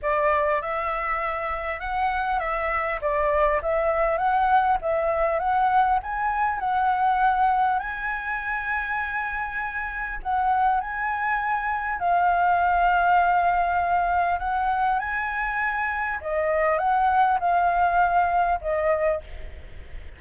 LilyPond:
\new Staff \with { instrumentName = "flute" } { \time 4/4 \tempo 4 = 100 d''4 e''2 fis''4 | e''4 d''4 e''4 fis''4 | e''4 fis''4 gis''4 fis''4~ | fis''4 gis''2.~ |
gis''4 fis''4 gis''2 | f''1 | fis''4 gis''2 dis''4 | fis''4 f''2 dis''4 | }